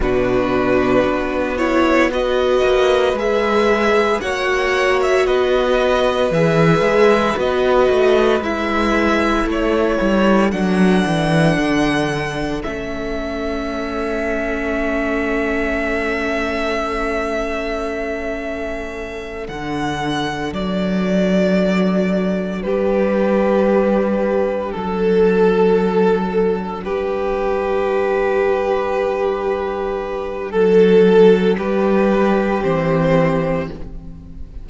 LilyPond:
<<
  \new Staff \with { instrumentName = "violin" } { \time 4/4 \tempo 4 = 57 b'4. cis''8 dis''4 e''4 | fis''8. e''16 dis''4 e''4 dis''4 | e''4 cis''4 fis''2 | e''1~ |
e''2~ e''8 fis''4 d''8~ | d''4. b'2 a'8~ | a'4. b'2~ b'8~ | b'4 a'4 b'4 c''4 | }
  \new Staff \with { instrumentName = "violin" } { \time 4/4 fis'2 b'2 | cis''4 b'2.~ | b'4 a'2.~ | a'1~ |
a'1~ | a'4. g'2 a'8~ | a'4. g'2~ g'8~ | g'4 a'4 g'2 | }
  \new Staff \with { instrumentName = "viola" } { \time 4/4 d'4. e'8 fis'4 gis'4 | fis'2 gis'4 fis'4 | e'2 d'2 | cis'1~ |
cis'2~ cis'8 d'4.~ | d'1~ | d'1~ | d'2. c'4 | }
  \new Staff \with { instrumentName = "cello" } { \time 4/4 b,4 b4. ais8 gis4 | ais4 b4 e8 gis8 b8 a8 | gis4 a8 g8 fis8 e8 d4 | a1~ |
a2~ a8 d4 fis8~ | fis4. g2 fis8~ | fis4. g2~ g8~ | g4 fis4 g4 e4 | }
>>